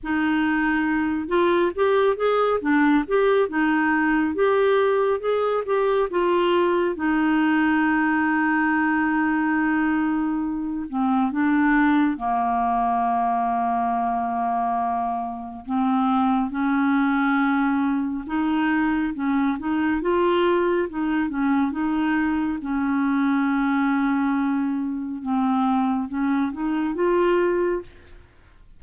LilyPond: \new Staff \with { instrumentName = "clarinet" } { \time 4/4 \tempo 4 = 69 dis'4. f'8 g'8 gis'8 d'8 g'8 | dis'4 g'4 gis'8 g'8 f'4 | dis'1~ | dis'8 c'8 d'4 ais2~ |
ais2 c'4 cis'4~ | cis'4 dis'4 cis'8 dis'8 f'4 | dis'8 cis'8 dis'4 cis'2~ | cis'4 c'4 cis'8 dis'8 f'4 | }